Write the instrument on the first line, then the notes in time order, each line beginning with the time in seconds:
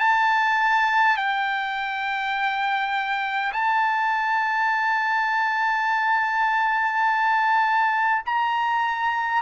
trumpet
0.00 A5
1.17 G5
3.53 A5
8.26 A#5